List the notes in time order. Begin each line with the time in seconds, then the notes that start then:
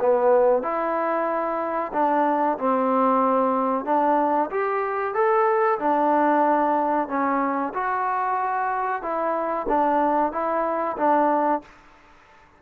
0.00 B3
0.63 E4
1.93 D4
2.58 C4
3.85 D4
4.51 G4
5.14 A4
5.79 D4
7.09 C#4
7.74 F#4
9.02 E4
9.69 D4
10.33 E4
10.97 D4